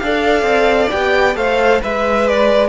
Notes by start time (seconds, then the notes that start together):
0.00 D4 A4 D5 F5
0.43 C4
0.92 B3 G4 G5
1.35 A3 A4 C5 F5
1.81 G#3 B4 E5
2.28 D5